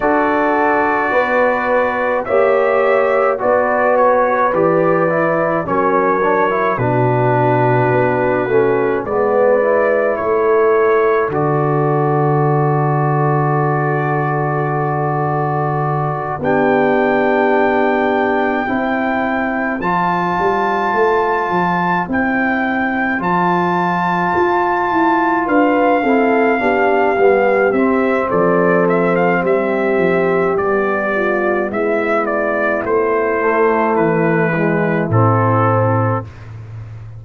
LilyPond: <<
  \new Staff \with { instrumentName = "trumpet" } { \time 4/4 \tempo 4 = 53 d''2 e''4 d''8 cis''8 | d''4 cis''4 b'2 | d''4 cis''4 d''2~ | d''2~ d''8 g''4.~ |
g''4. a''2 g''8~ | g''8 a''2 f''4.~ | f''8 e''8 d''8 e''16 f''16 e''4 d''4 | e''8 d''8 c''4 b'4 a'4 | }
  \new Staff \with { instrumentName = "horn" } { \time 4/4 a'4 b'4 cis''4 b'4~ | b'4 ais'4 fis'2 | b'4 a'2.~ | a'2~ a'8 g'4.~ |
g'8 c''2.~ c''8~ | c''2~ c''8 b'8 a'8 g'8~ | g'4 a'4 g'4. f'8 | e'1 | }
  \new Staff \with { instrumentName = "trombone" } { \time 4/4 fis'2 g'4 fis'4 | g'8 e'8 cis'8 d'16 e'16 d'4. cis'8 | b8 e'4. fis'2~ | fis'2~ fis'8 d'4.~ |
d'8 e'4 f'2 e'8~ | e'8 f'2~ f'8 e'8 d'8 | b8 c'2~ c'8 b4~ | b4. a4 gis8 c'4 | }
  \new Staff \with { instrumentName = "tuba" } { \time 4/4 d'4 b4 ais4 b4 | e4 fis4 b,4 b8 a8 | gis4 a4 d2~ | d2~ d8 b4.~ |
b8 c'4 f8 g8 a8 f8 c'8~ | c'8 f4 f'8 e'8 d'8 c'8 b8 | g8 c'8 f4 g8 f8 g4 | gis4 a4 e4 a,4 | }
>>